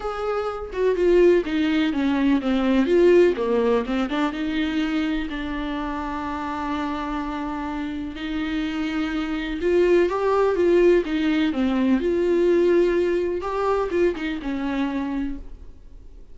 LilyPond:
\new Staff \with { instrumentName = "viola" } { \time 4/4 \tempo 4 = 125 gis'4. fis'8 f'4 dis'4 | cis'4 c'4 f'4 ais4 | c'8 d'8 dis'2 d'4~ | d'1~ |
d'4 dis'2. | f'4 g'4 f'4 dis'4 | c'4 f'2. | g'4 f'8 dis'8 cis'2 | }